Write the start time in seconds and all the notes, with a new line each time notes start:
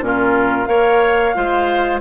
0.00 A#2 C#4 F4 A#4
0.66 A#3 A#4 C#5 F5
1.34 G#3 F4 C5